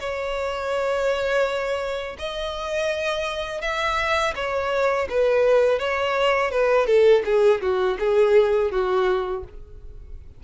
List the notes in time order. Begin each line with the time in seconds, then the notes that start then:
0.00 C#5
2.19 D#5
3.62 E5
4.36 C#5
5.10 B4
5.79 C#5
6.52 B4
6.87 A4
7.26 G#4
7.62 F#4
8.00 G#4
8.72 F#4